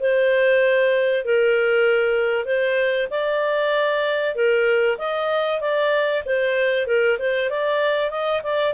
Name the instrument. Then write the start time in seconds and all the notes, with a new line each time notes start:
clarinet
0.00 C5
1.25 A#4
2.45 C5
3.11 D5
4.35 A#4
4.98 D#5
5.61 D5
6.26 C5
6.87 A#4
7.19 C5
7.50 D5
8.11 D#5
8.43 D5